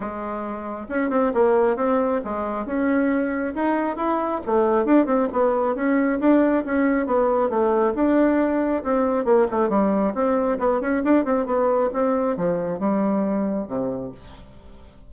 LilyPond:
\new Staff \with { instrumentName = "bassoon" } { \time 4/4 \tempo 4 = 136 gis2 cis'8 c'8 ais4 | c'4 gis4 cis'2 | dis'4 e'4 a4 d'8 c'8 | b4 cis'4 d'4 cis'4 |
b4 a4 d'2 | c'4 ais8 a8 g4 c'4 | b8 cis'8 d'8 c'8 b4 c'4 | f4 g2 c4 | }